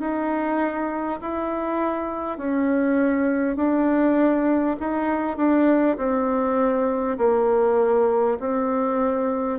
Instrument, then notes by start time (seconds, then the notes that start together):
bassoon
0.00 D#4
1.21 E4
2.38 C#4
3.56 D4
4.79 D#4
5.37 D4
5.97 C4
7.18 A#3
8.39 C4